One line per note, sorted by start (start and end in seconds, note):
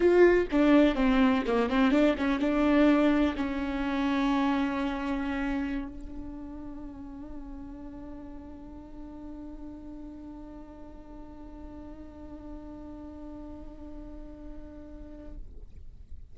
0.00 0.47 F4
0.51 0.95 D4
0.95 1.43 C4
1.46 1.69 A#3
1.69 1.91 C4
1.91 2.15 D4
2.17 2.39 C#4
2.39 3.35 D4
3.36 5.88 C#4
5.88 15.36 D4